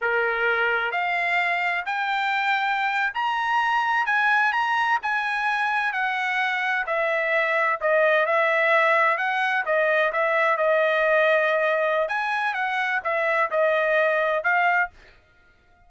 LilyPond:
\new Staff \with { instrumentName = "trumpet" } { \time 4/4 \tempo 4 = 129 ais'2 f''2 | g''2~ g''8. ais''4~ ais''16~ | ais''8. gis''4 ais''4 gis''4~ gis''16~ | gis''8. fis''2 e''4~ e''16~ |
e''8. dis''4 e''2 fis''16~ | fis''8. dis''4 e''4 dis''4~ dis''16~ | dis''2 gis''4 fis''4 | e''4 dis''2 f''4 | }